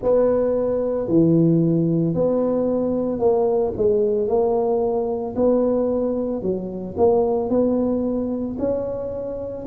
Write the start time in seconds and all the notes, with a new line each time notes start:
0.02 B3
1.08 E3
2.14 B3
3.19 A#3
3.76 G#3
4.27 A#3
5.35 B3
6.41 F#3
6.97 A#3
7.49 B3
8.58 C#4